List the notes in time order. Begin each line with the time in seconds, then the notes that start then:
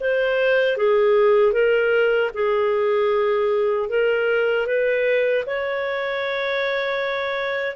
0.00 C5
0.77 G#4
1.52 A#4
2.33 G#4
3.89 A#4
4.66 B4
5.46 C#5